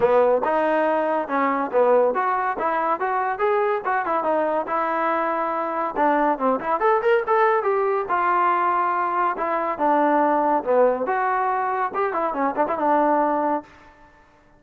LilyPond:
\new Staff \with { instrumentName = "trombone" } { \time 4/4 \tempo 4 = 141 b4 dis'2 cis'4 | b4 fis'4 e'4 fis'4 | gis'4 fis'8 e'8 dis'4 e'4~ | e'2 d'4 c'8 e'8 |
a'8 ais'8 a'4 g'4 f'4~ | f'2 e'4 d'4~ | d'4 b4 fis'2 | g'8 e'8 cis'8 d'16 e'16 d'2 | }